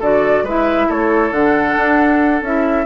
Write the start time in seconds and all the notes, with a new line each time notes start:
0.00 D3 F#4 A4 D5
0.43 G#3 E4 B4 E5
0.89 A3 A4 C#5
1.32 D3 D4 F#5
1.77 D4
2.42 C#4 E4 E5